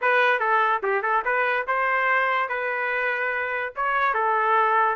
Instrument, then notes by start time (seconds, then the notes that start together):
trumpet
0.01 B4
0.39 A4
0.82 G4
1.02 A4
1.25 B4
1.67 C5
2.48 B4
3.75 C#5
4.14 A4